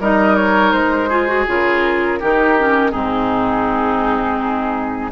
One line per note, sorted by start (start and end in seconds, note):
0.00 0.73 G3
0.00 1.10 D#4
0.00 1.09 A#4
0.00 0.36 D#5
0.36 0.72 C#5
0.72 1.46 G#3
0.72 1.45 C5
1.09 1.28 F4
1.09 2.19 G#4
1.28 1.46 F#4
1.47 2.21 C#3
1.47 2.20 F4
1.47 2.91 A#4
2.20 2.93 D#3
2.20 2.57 D#4
2.20 2.91 G4
2.58 2.91 C#4
2.91 5.12 G#2
2.91 5.11 C4
2.91 5.11 D#4
2.91 5.11 G#4